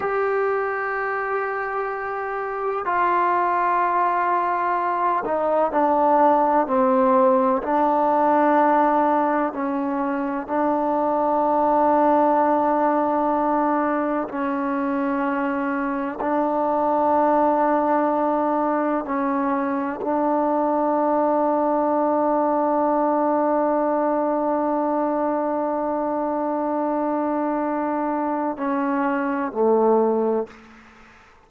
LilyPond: \new Staff \with { instrumentName = "trombone" } { \time 4/4 \tempo 4 = 63 g'2. f'4~ | f'4. dis'8 d'4 c'4 | d'2 cis'4 d'4~ | d'2. cis'4~ |
cis'4 d'2. | cis'4 d'2.~ | d'1~ | d'2 cis'4 a4 | }